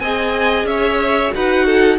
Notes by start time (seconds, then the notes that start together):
0.00 C4 G#4 D#5 G#5
0.65 C#4 C#5 E5
1.35 D#4 F#4 B4 F#5
1.66 A4